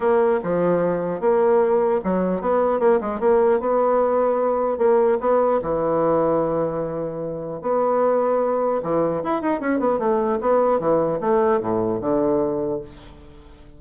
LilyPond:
\new Staff \with { instrumentName = "bassoon" } { \time 4/4 \tempo 4 = 150 ais4 f2 ais4~ | ais4 fis4 b4 ais8 gis8 | ais4 b2. | ais4 b4 e2~ |
e2. b4~ | b2 e4 e'8 dis'8 | cis'8 b8 a4 b4 e4 | a4 a,4 d2 | }